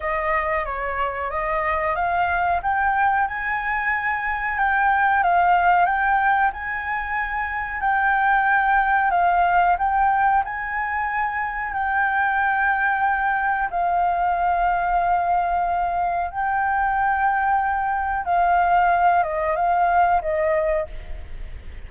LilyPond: \new Staff \with { instrumentName = "flute" } { \time 4/4 \tempo 4 = 92 dis''4 cis''4 dis''4 f''4 | g''4 gis''2 g''4 | f''4 g''4 gis''2 | g''2 f''4 g''4 |
gis''2 g''2~ | g''4 f''2.~ | f''4 g''2. | f''4. dis''8 f''4 dis''4 | }